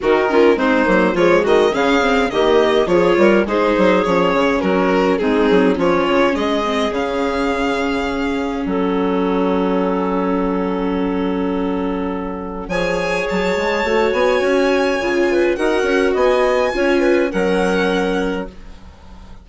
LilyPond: <<
  \new Staff \with { instrumentName = "violin" } { \time 4/4 \tempo 4 = 104 ais'4 c''4 cis''8 dis''8 f''4 | dis''4 cis''4 c''4 cis''4 | ais'4 gis'4 cis''4 dis''4 | f''2. fis''4~ |
fis''1~ | fis''2 gis''4 a''4~ | a''8 gis''2~ gis''8 fis''4 | gis''2 fis''2 | }
  \new Staff \with { instrumentName = "clarinet" } { \time 4/4 fis'8 f'8 dis'4 f'8 fis'8 gis'4 | g'4 gis'8 ais'8 gis'2 | fis'4 dis'4 f'4 gis'4~ | gis'2. a'4~ |
a'1~ | a'2 cis''2~ | cis''2~ cis''8 b'8 ais'4 | dis''4 cis''8 b'8 ais'2 | }
  \new Staff \with { instrumentName = "viola" } { \time 4/4 dis'8 cis'8 c'8 ais8 gis4 cis'8 c'8 | ais4 f'4 dis'4 cis'4~ | cis'4 c'4 cis'4. c'8 | cis'1~ |
cis'1~ | cis'2 gis'2 | fis'2 f'4 fis'4~ | fis'4 f'4 cis'2 | }
  \new Staff \with { instrumentName = "bassoon" } { \time 4/4 dis4 gis8 fis8 f8 dis8 cis4 | dis4 f8 g8 gis8 fis8 f8 cis8 | fis4 gis8 fis8 f8 cis8 gis4 | cis2. fis4~ |
fis1~ | fis2 f4 fis8 gis8 | a8 b8 cis'4 cis4 dis'8 cis'8 | b4 cis'4 fis2 | }
>>